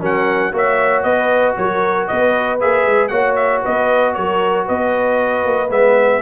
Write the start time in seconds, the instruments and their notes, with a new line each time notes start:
0.00 tuba F#3, trombone C#4, horn A#4, trumpet F#5
0.52 tuba A#3, trombone F#4, horn C#5, trumpet E5
1.03 tuba B3, horn B4, trumpet D#5
1.57 tuba F#3, horn A#4, trumpet C#5
2.07 tuba B3, horn B4, trumpet D#5
2.60 tuba A#3, trombone G#4, trumpet E5
2.85 tuba G#3
3.08 tuba A#3, trombone F#4, horn C#5, trumpet F#5
3.35 trumpet E5
3.62 tuba B3, horn B4, trumpet D#5
4.13 tuba F#3, horn A#4, trumpet C#5
4.66 tuba B3, horn B4, trumpet D#5
5.45 tuba A#3
5.70 tuba G#3, trombone B3, trumpet E5